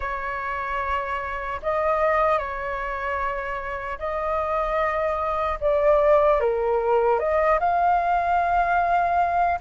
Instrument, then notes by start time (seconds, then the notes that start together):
flute
0.00 C#5
1.62 D#5
2.38 C#5
3.99 D#5
5.60 D5
6.40 A#4
7.19 D#5
7.59 F5